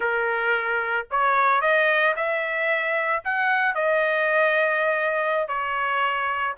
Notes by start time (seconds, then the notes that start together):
0.00 A#4
1.11 C#5
1.61 D#5
2.16 E5
3.24 F#5
3.75 D#5
5.47 C#5